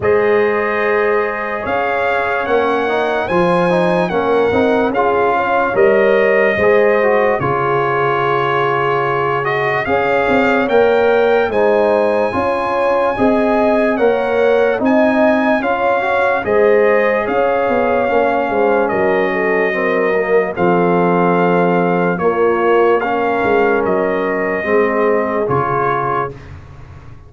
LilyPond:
<<
  \new Staff \with { instrumentName = "trumpet" } { \time 4/4 \tempo 4 = 73 dis''2 f''4 fis''4 | gis''4 fis''4 f''4 dis''4~ | dis''4 cis''2~ cis''8 dis''8 | f''4 g''4 gis''2~ |
gis''4 fis''4 gis''4 f''4 | dis''4 f''2 dis''4~ | dis''4 f''2 cis''4 | f''4 dis''2 cis''4 | }
  \new Staff \with { instrumentName = "horn" } { \time 4/4 c''2 cis''2 | c''4 ais'4 gis'8 cis''4. | c''4 gis'2. | cis''2 c''4 cis''4 |
dis''4 cis''4 dis''4 cis''4 | c''4 cis''4. c''8 ais'8 a'8 | ais'4 a'2 f'4 | ais'2 gis'2 | }
  \new Staff \with { instrumentName = "trombone" } { \time 4/4 gis'2. cis'8 dis'8 | f'8 dis'8 cis'8 dis'8 f'4 ais'4 | gis'8 fis'8 f'2~ f'8 fis'8 | gis'4 ais'4 dis'4 f'4 |
gis'4 ais'4 dis'4 f'8 fis'8 | gis'2 cis'2 | c'8 ais8 c'2 ais4 | cis'2 c'4 f'4 | }
  \new Staff \with { instrumentName = "tuba" } { \time 4/4 gis2 cis'4 ais4 | f4 ais8 c'8 cis'4 g4 | gis4 cis2. | cis'8 c'8 ais4 gis4 cis'4 |
c'4 ais4 c'4 cis'4 | gis4 cis'8 b8 ais8 gis8 fis4~ | fis4 f2 ais4~ | ais8 gis8 fis4 gis4 cis4 | }
>>